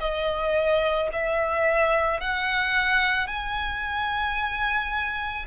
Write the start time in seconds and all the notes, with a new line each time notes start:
0.00 D#5
1.13 E5
2.21 F#5
3.28 G#5